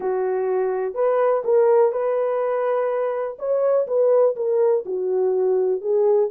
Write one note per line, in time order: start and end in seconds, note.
0.00 0.94 F#4
0.94 1.42 B4
1.44 1.92 A#4
1.92 3.37 B4
3.38 3.87 C#5
3.87 4.35 B4
4.35 4.84 A#4
4.85 5.81 F#4
5.81 6.29 G#4